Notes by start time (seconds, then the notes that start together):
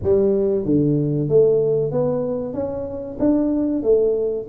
0.03 G3
0.65 D3
1.29 A3
1.91 B3
2.53 C#4
3.19 D4
3.82 A3